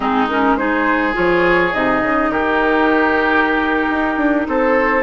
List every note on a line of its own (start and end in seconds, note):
0.00 1.14 G#3
0.00 0.27 C4
0.00 0.56 D#4
0.00 0.27 G#4
0.28 0.58 C#4
0.28 0.56 A#4
0.56 1.13 D#4
0.56 2.31 G#4
0.56 1.14 C5
1.13 1.73 F3
1.13 1.70 F4
1.13 1.73 C#5
1.73 2.02 C3
1.73 5.02 D#4
1.73 2.31 D#5
2.02 2.29 C#3
2.29 3.88 D#3
2.29 4.47 G4
2.29 4.47 A#4
3.90 4.17 D#4
4.17 4.46 D4
4.47 5.02 C4
4.47 5.02 A4
4.47 5.02 C5